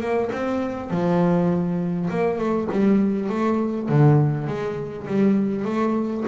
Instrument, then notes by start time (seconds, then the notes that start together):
double bass
0.00 A#3
0.32 C4
0.90 F3
2.10 A#3
2.38 A3
2.71 G3
3.29 A3
3.88 D3
4.47 G#3
5.06 G3
5.65 A3